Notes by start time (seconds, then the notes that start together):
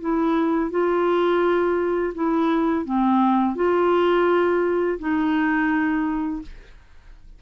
0.00 E4
0.70 F4
2.14 E4
2.85 C4
3.55 F4
4.99 D#4